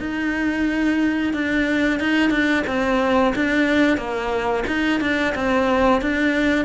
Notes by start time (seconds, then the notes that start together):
0.00 D#4
1.33 D4
2.00 D#4
2.30 D4
2.67 C4
3.35 D4
3.97 A#3
4.67 D#4
5.01 D4
5.35 C4
6.01 D4